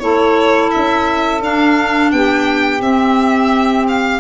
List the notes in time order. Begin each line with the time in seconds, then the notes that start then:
0.00 A3 E4 A4 C#5
0.71 C#4 E5
1.42 D4 F5
2.11 B3 G4 G5
2.81 C4 E5
3.88 F5